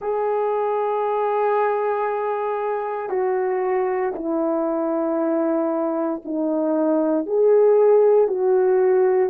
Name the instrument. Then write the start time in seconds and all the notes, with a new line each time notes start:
horn
0.00 G#4
3.09 F#4
4.14 E4
6.24 D#4
7.26 G#4
8.27 F#4